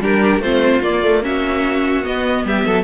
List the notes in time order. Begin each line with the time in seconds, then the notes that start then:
0.00 G3 D4 G4 A#4
0.39 A3 C4 F4 C5
0.82 A#3 D5
1.03 A3
1.23 C#4 F#4 E5
2.04 B3 D#5
2.45 G3 G4 E5
2.66 F#3 A4